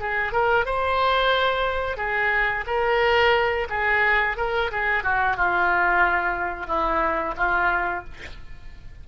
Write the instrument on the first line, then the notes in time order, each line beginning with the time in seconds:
oboe
0.00 G#4
0.32 A#4
0.66 C5
1.98 G#4
2.67 A#4
3.70 G#4
4.38 A#4
4.72 G#4
5.04 F#4
5.37 F4
6.67 E4
7.37 F4